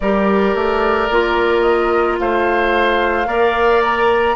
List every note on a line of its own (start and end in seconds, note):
0.00 0.54 G3
0.00 1.11 G4
0.00 2.19 A#4
0.00 1.61 D5
0.54 1.09 A3
1.10 2.19 A#3
1.10 3.26 F4
1.61 2.15 D#5
2.19 3.26 A3
2.19 3.27 C5
2.19 3.82 F5
3.26 4.35 A#3
3.26 4.35 A#4
3.26 4.35 D5
3.83 4.35 A#5